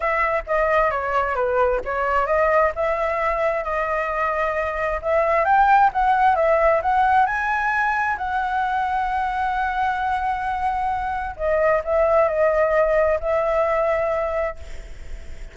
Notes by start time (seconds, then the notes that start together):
0.00 E5
0.46 D#5
0.90 C#5
1.35 B4
1.85 C#5
2.26 D#5
2.75 E5
3.63 D#5
5.02 E5
5.44 G5
5.93 F#5
6.35 E5
6.82 F#5
7.26 G#5
8.17 F#5
11.36 D#5
11.83 E5
12.28 D#5
13.20 E5